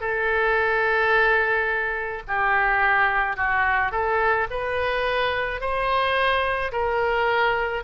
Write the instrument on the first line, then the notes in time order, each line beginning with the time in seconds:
oboe
0.00 A4
2.27 G4
3.36 F#4
3.91 A4
4.50 B4
5.61 C5
6.72 A#4